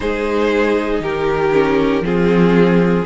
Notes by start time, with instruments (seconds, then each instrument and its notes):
0.00 cello G#3, viola D#4, violin G#4 C5
1.00 cello D#3, violin G4 A#4
1.52 viola C#4
2.00 cello F3, viola C4, violin F4 G#4